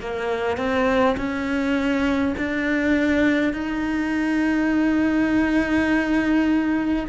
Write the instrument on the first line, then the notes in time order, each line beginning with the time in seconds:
cello
0.00 A#3
0.57 C4
1.17 C#4
2.37 D4
3.53 D#4